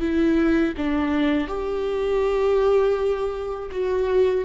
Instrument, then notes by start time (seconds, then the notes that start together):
viola
0.00 E4
0.77 D4
1.47 G4
3.71 F#4